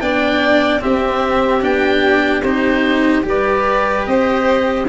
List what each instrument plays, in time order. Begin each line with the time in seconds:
0.00 tuba B3, cello D4, violin D5, oboe G5
0.80 cello C4, tuba C4, violin G4, oboe E5
1.61 tuba B3, cello D4, oboe G5
2.42 tuba C4, cello D#4, oboe C5
3.22 tuba G3, cello G4, violin B4
3.29 oboe D5
4.06 tuba C4, violin C5, oboe D#5